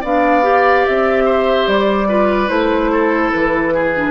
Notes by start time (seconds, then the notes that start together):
0.00 B3 D4 D5 F5
0.42 G4
0.85 C4 E5
1.25 C5
1.67 G3 D5
2.08 F4 B4
2.47 A3 E4 C5
2.92 A4
3.32 E3 B4
3.74 G#4
3.96 D4